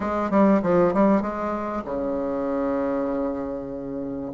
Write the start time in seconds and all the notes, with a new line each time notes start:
0.00 G#3
0.30 G3
0.62 F3
0.93 G3
1.21 G#3
1.84 C#3